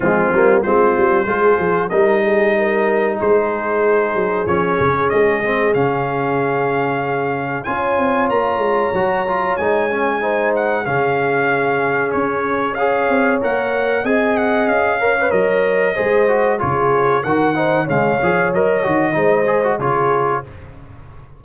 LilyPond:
<<
  \new Staff \with { instrumentName = "trumpet" } { \time 4/4 \tempo 4 = 94 f'4 c''2 dis''4~ | dis''4 c''2 cis''4 | dis''4 f''2. | gis''4 ais''2 gis''4~ |
gis''8 fis''8 f''2 cis''4 | f''4 fis''4 gis''8 fis''8 f''4 | dis''2 cis''4 fis''4 | f''4 dis''2 cis''4 | }
  \new Staff \with { instrumentName = "horn" } { \time 4/4 c'4 f'4 gis'4 ais'8 gis'8 | ais'4 gis'2.~ | gis'1 | cis''1 |
c''4 gis'2. | cis''2 dis''4. cis''8~ | cis''4 c''4 gis'4 ais'8 c''8 | cis''2 c''4 gis'4 | }
  \new Staff \with { instrumentName = "trombone" } { \time 4/4 gis8 ais8 c'4 f'4 dis'4~ | dis'2. cis'4~ | cis'8 c'8 cis'2. | f'2 fis'8 f'8 dis'8 cis'8 |
dis'4 cis'2. | gis'4 ais'4 gis'4. ais'16 b'16 | ais'4 gis'8 fis'8 f'4 fis'8 dis'8 | gis8 gis'8 ais'8 fis'8 dis'8 gis'16 fis'16 f'4 | }
  \new Staff \with { instrumentName = "tuba" } { \time 4/4 f8 g8 gis8 g8 gis8 f8 g4~ | g4 gis4. fis8 f8 cis8 | gis4 cis2. | cis'8 c'8 ais8 gis8 fis4 gis4~ |
gis4 cis2 cis'4~ | cis'8 c'8 ais4 c'4 cis'4 | fis4 gis4 cis4 dis4 | cis8 f8 fis8 dis8 gis4 cis4 | }
>>